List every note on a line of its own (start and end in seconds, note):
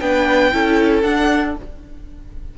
0.00 0.52 B3
0.00 0.52 D4
0.00 0.53 B4
0.00 1.02 G5
0.52 1.03 C#4
0.52 1.04 E4
0.52 1.57 A4
1.02 1.55 D4
1.02 1.56 D4
1.02 1.54 F#5